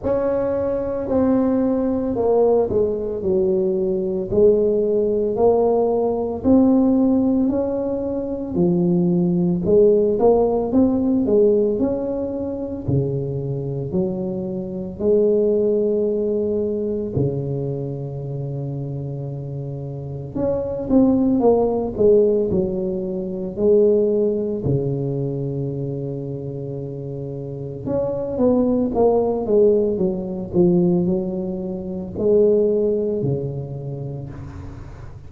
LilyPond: \new Staff \with { instrumentName = "tuba" } { \time 4/4 \tempo 4 = 56 cis'4 c'4 ais8 gis8 fis4 | gis4 ais4 c'4 cis'4 | f4 gis8 ais8 c'8 gis8 cis'4 | cis4 fis4 gis2 |
cis2. cis'8 c'8 | ais8 gis8 fis4 gis4 cis4~ | cis2 cis'8 b8 ais8 gis8 | fis8 f8 fis4 gis4 cis4 | }